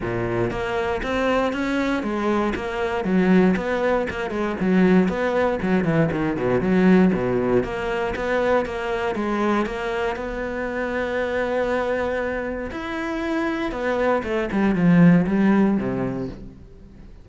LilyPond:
\new Staff \with { instrumentName = "cello" } { \time 4/4 \tempo 4 = 118 ais,4 ais4 c'4 cis'4 | gis4 ais4 fis4 b4 | ais8 gis8 fis4 b4 fis8 e8 | dis8 b,8 fis4 b,4 ais4 |
b4 ais4 gis4 ais4 | b1~ | b4 e'2 b4 | a8 g8 f4 g4 c4 | }